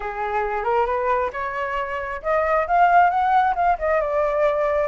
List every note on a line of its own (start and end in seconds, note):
0.00 0.64 G#4
0.64 0.86 A#4
0.86 1.30 B4
1.33 2.21 C#5
2.22 2.66 D#5
2.67 3.10 F5
3.10 3.54 F#5
3.55 3.77 F5
3.79 4.00 D#5
4.00 4.88 D5